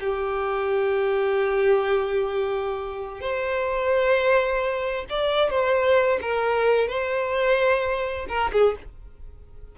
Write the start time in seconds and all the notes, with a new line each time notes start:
0.00 G4
3.21 C5
5.10 D5
5.50 C5
6.22 A#4
6.88 C5
8.28 A#4
8.53 G#4